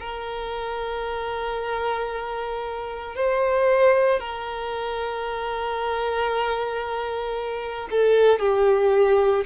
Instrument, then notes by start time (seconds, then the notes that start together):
violin
0.00 A#4
3.15 C5
4.20 A#4
7.91 A4
8.40 G4